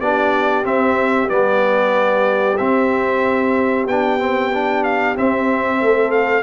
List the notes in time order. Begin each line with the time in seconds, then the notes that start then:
0.00 B3 D4 G4 D5
0.63 C4 E5
1.28 G3 B3 D5
2.57 C4 E5
3.86 B3 D4 G5
4.19 C4
4.54 D4
4.83 F5
5.16 C4 E5
5.81 A3 A4
6.11 F5